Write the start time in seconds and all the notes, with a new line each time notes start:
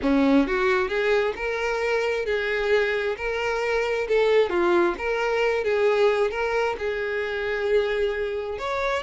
0.02 C#4
0.47 F#4
0.88 G#4
1.35 A#4
2.25 G#4
3.17 A#4
4.08 A4
4.49 F4
4.98 A#4
5.63 G#4
6.31 A#4
6.78 G#4
8.58 C#5